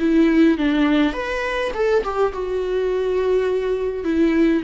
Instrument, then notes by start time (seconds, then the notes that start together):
viola
0.00 E4
0.58 D4
1.13 B4
1.74 A4
2.04 G4
2.33 F#4
4.05 E4